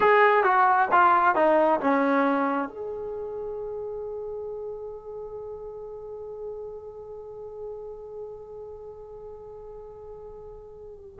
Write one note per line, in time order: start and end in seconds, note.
0.00 0.43 G#4
0.43 0.88 F#4
0.91 1.35 F4
1.35 1.80 D#4
1.80 2.68 C#4
2.68 11.19 G#4